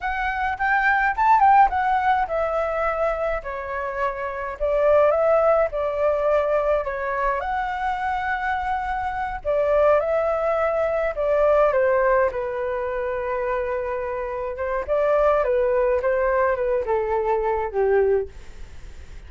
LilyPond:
\new Staff \with { instrumentName = "flute" } { \time 4/4 \tempo 4 = 105 fis''4 g''4 a''8 g''8 fis''4 | e''2 cis''2 | d''4 e''4 d''2 | cis''4 fis''2.~ |
fis''8 d''4 e''2 d''8~ | d''8 c''4 b'2~ b'8~ | b'4. c''8 d''4 b'4 | c''4 b'8 a'4. g'4 | }